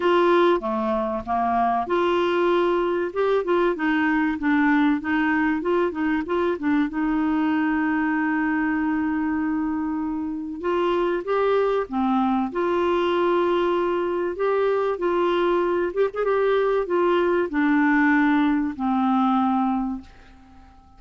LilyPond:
\new Staff \with { instrumentName = "clarinet" } { \time 4/4 \tempo 4 = 96 f'4 a4 ais4 f'4~ | f'4 g'8 f'8 dis'4 d'4 | dis'4 f'8 dis'8 f'8 d'8 dis'4~ | dis'1~ |
dis'4 f'4 g'4 c'4 | f'2. g'4 | f'4. g'16 gis'16 g'4 f'4 | d'2 c'2 | }